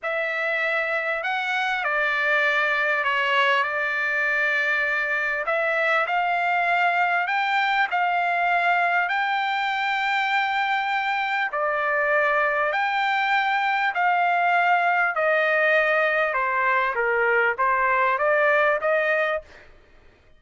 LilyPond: \new Staff \with { instrumentName = "trumpet" } { \time 4/4 \tempo 4 = 99 e''2 fis''4 d''4~ | d''4 cis''4 d''2~ | d''4 e''4 f''2 | g''4 f''2 g''4~ |
g''2. d''4~ | d''4 g''2 f''4~ | f''4 dis''2 c''4 | ais'4 c''4 d''4 dis''4 | }